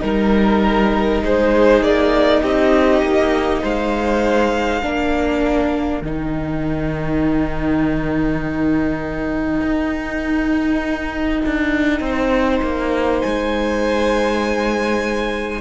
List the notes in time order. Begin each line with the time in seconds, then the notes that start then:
0.00 G3 D#4 A#4
1.22 G#3 G#4 C5
1.81 A#3 D5
2.42 C4 G4 D#5
3.02 A#3
3.62 G#3 C5 F5
4.82 A#3 D4 A#4
6.02 D#3 D#4 G5
9.61 D#4
11.46 D4
12.00 C4 C5
12.62 A#3
13.21 G#3 G#5